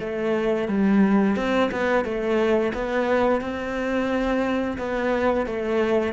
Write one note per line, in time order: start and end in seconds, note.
0.00 0.68 A3
0.68 1.36 G3
1.36 1.70 C4
1.72 2.05 B3
2.05 2.73 A3
2.74 3.41 B3
3.41 4.78 C4
4.78 5.46 B3
5.47 6.13 A3